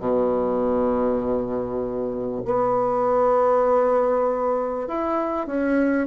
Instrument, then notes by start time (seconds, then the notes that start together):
bassoon
0.00 B2
2.46 B3
4.88 E4
5.47 C#4